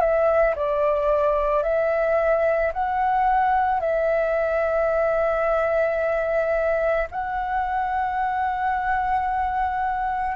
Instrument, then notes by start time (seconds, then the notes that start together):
flute
0.00 E5
0.56 D5
1.63 E5
2.73 F#5
3.80 E5
7.11 F#5